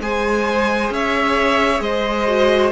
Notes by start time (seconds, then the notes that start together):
0.00 G#3 G#4 C5 G#5
0.90 C#4 C#5 E5
1.80 G#3 C5 D#5
2.27 F#4